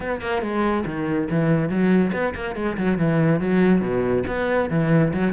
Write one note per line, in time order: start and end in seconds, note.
0.00 0.21 B3
0.21 0.42 A#3
0.42 0.84 G#3
0.85 1.28 D#3
1.30 1.69 E3
1.69 2.11 F#3
2.12 2.34 B3
2.34 2.55 A#3
2.55 2.77 G#3
2.77 2.97 F#3
2.97 3.39 E3
3.39 3.81 F#3
3.81 4.23 B2
4.27 4.69 B3
4.70 5.12 E3
5.13 5.33 F#3